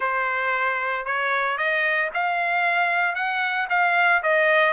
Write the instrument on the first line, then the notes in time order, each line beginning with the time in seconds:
trumpet
0.00 C5
1.05 C#5
1.57 D#5
2.14 F5
3.15 F#5
3.69 F5
4.22 D#5